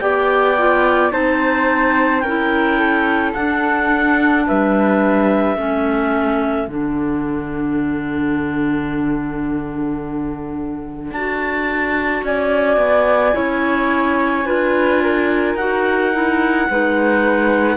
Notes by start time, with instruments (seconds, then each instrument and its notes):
0.00 cello B3, clarinet G4 G5, flute D5
0.58 clarinet F4
1.11 cello C4, clarinet D#4 A5, flute C5
2.20 cello C#4, flute A#4, clarinet G5
2.28 clarinet E4
2.79 flute A4
3.34 clarinet D4 F#5, cello D4
4.47 cello G3, flute B4, clarinet E5
5.57 cello A3, clarinet C#4, flute A4
6.68 cello D3, clarinet D4 F#5
11.12 cello D4, clarinet F#4 A5
12.24 cello C#4, flute D5, clarinet G#5
12.77 cello B3
13.33 cello C#4, clarinet E4, flute C#5
14.45 cello D4, clarinet F4, flute B4
15.03 flute A#4
15.55 cello D#4, clarinet F#4 F#5
16.14 clarinet E4
16.70 cello G#3, clarinet D#4, flute B4